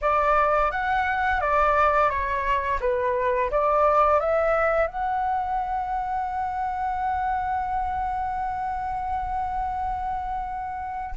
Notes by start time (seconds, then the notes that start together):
0.01 D5
0.71 F#5
1.40 D5
2.09 C#5
2.80 B4
3.51 D5
4.20 E5
4.87 F#5